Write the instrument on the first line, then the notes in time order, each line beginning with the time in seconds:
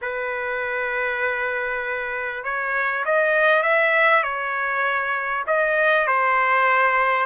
trumpet
0.01 B4
2.44 C#5
3.05 D#5
3.63 E5
4.23 C#5
5.47 D#5
6.07 C5